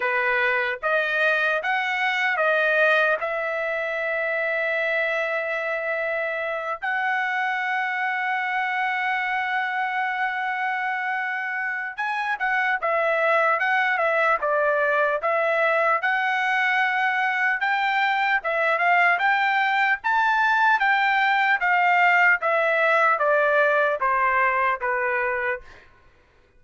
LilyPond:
\new Staff \with { instrumentName = "trumpet" } { \time 4/4 \tempo 4 = 75 b'4 dis''4 fis''4 dis''4 | e''1~ | e''8 fis''2.~ fis''8~ | fis''2. gis''8 fis''8 |
e''4 fis''8 e''8 d''4 e''4 | fis''2 g''4 e''8 f''8 | g''4 a''4 g''4 f''4 | e''4 d''4 c''4 b'4 | }